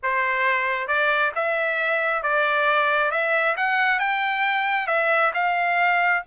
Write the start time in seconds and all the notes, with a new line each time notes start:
0.03 C5
0.87 D5
1.35 E5
2.23 D5
3.11 E5
3.56 F#5
3.99 G5
4.87 E5
5.34 F5